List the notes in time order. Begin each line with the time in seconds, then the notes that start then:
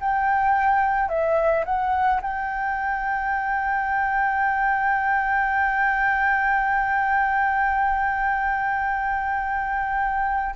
0.00 G5
1.09 E5
1.65 F#5
2.22 G5